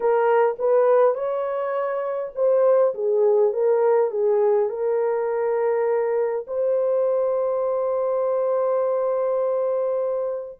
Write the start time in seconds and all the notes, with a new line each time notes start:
0.00 A#4
0.58 B4
1.14 C#5
2.35 C5
2.94 G#4
3.53 A#4
4.10 G#4
4.69 A#4
6.47 C5